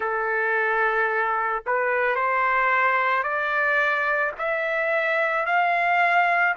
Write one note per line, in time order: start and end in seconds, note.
0.00 1.63 A4
1.66 2.15 B4
2.15 3.23 C5
3.23 4.32 D5
4.38 5.45 E5
5.45 6.55 F5